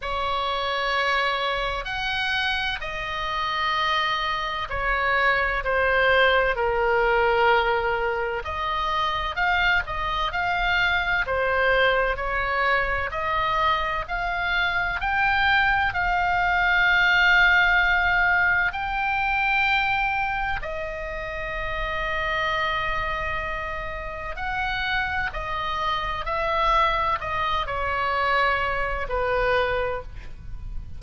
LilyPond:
\new Staff \with { instrumentName = "oboe" } { \time 4/4 \tempo 4 = 64 cis''2 fis''4 dis''4~ | dis''4 cis''4 c''4 ais'4~ | ais'4 dis''4 f''8 dis''8 f''4 | c''4 cis''4 dis''4 f''4 |
g''4 f''2. | g''2 dis''2~ | dis''2 fis''4 dis''4 | e''4 dis''8 cis''4. b'4 | }